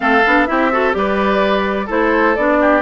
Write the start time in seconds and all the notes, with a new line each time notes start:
0.00 A3 C4 A4 F5
0.26 B3 D4
0.46 C4 E4 G4 E5
0.71 F#4 A4
0.91 G3 G4 D5
0.98 B4
1.86 A3 E4 A4 C5
2.35 B3 D4 D5
2.60 G4